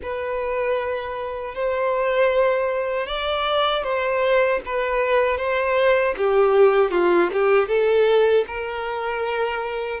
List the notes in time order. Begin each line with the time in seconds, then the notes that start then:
0.02 B4
1.55 C5
3.07 D5
3.83 C5
4.65 B4
5.37 C5
6.17 G4
6.91 F4
7.32 G4
7.67 A4
8.47 A#4